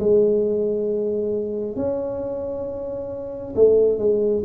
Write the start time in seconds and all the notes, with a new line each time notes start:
0.00 G#3
1.76 C#4
3.56 A3
3.99 G#3